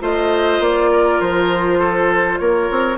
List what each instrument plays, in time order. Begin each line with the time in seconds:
0.00 bassoon A3, clarinet F4, oboe C5, flute D#5
0.60 bassoon A#3, flute D5
0.92 oboe A#4
1.20 bassoon F3, flute C5
1.79 oboe A4
2.39 bassoon A#3, oboe A#4, flute C#5
2.71 bassoon C4